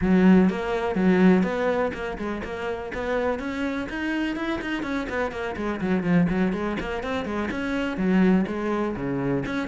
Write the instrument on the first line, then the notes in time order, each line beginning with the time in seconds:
cello
0.01 F#3
0.49 A#3
0.95 F#3
1.43 B3
1.93 A#3
2.18 G#3
2.43 A#3
2.94 B3
3.39 C#4
3.89 D#4
4.35 E4
4.61 D#4
4.83 C#4
5.09 B3
5.31 A#3
5.56 G#3
5.80 F#3
6.03 F3
6.29 F#3
6.53 G#3
6.80 A#3
7.03 C4
7.25 G#3
7.50 C#4
7.97 F#3
8.47 G#3
8.95 C#3
9.46 C#4